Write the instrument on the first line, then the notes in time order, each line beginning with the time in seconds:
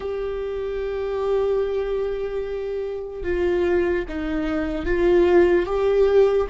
viola
0.00 G4
3.23 F4
4.08 D#4
4.85 F4
5.65 G4